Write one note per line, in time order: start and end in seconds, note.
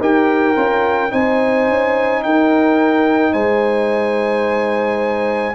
0.00 0.56 D#4
0.00 0.56 G4
0.00 1.12 A#4
0.00 1.12 G5
0.56 1.12 C#4
0.56 1.10 F4
1.10 1.69 C4
1.10 5.54 D#4
1.10 2.23 C5
1.10 2.23 G#5
1.69 2.24 C#4
2.23 3.33 D#4
2.23 3.33 A#4
2.23 3.33 G5
3.33 5.55 G#3
3.33 5.55 C5
3.33 5.55 G#5